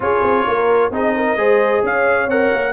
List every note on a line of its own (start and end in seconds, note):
0.00 0.21 C#4
0.00 0.91 F4
0.00 0.44 G#4
0.00 0.93 C#5
0.22 0.45 C4
0.44 0.90 A#3
0.44 0.90 A#4
0.90 1.36 C4
0.90 1.37 D#4
0.90 1.15 G#4
0.90 1.85 D#5
1.15 1.38 A#4
1.36 1.82 G#3
1.36 2.28 G#4
1.36 1.84 C5
1.83 2.27 C#4
1.83 2.72 C#5
1.83 2.29 F5
2.27 2.50 C4
2.27 2.72 A#4
2.27 2.72 F#5
2.52 2.72 A#3